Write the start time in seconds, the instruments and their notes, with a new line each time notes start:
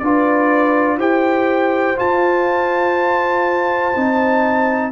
0.00 tuba D4, trombone F4, horn B4, trumpet D5
0.97 tuba E4, trombone G4, horn C5, trumpet G5
1.97 trombone F4, tuba F4, trumpet A5
3.96 tuba C4, trombone D#4